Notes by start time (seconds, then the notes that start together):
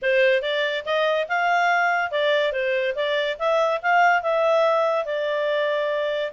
0.02 C5
0.42 D5
0.85 D#5
1.28 F5
2.11 D5
2.52 C5
2.95 D5
3.38 E5
3.82 F5
4.22 E5
5.05 D5